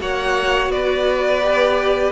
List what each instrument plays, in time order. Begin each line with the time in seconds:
0.00 cello A#3, viola F#4, violin C#5 F#5
0.69 cello B3, violin B4 D5
1.43 viola G4